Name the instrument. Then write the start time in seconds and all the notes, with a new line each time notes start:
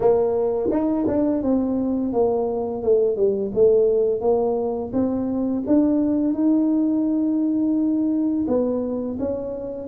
tuba
0.00 A#3
0.71 D#4
1.07 D4
1.42 C4
2.12 A#3
2.82 A3
3.16 G3
3.54 A3
4.21 A#3
4.92 C4
5.66 D4
6.34 D#4
8.47 B3
9.19 C#4